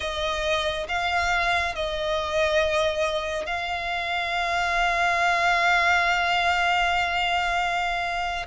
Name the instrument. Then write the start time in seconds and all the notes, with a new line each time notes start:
violin
0.00 D#5
0.88 F5
1.75 D#5
3.46 F5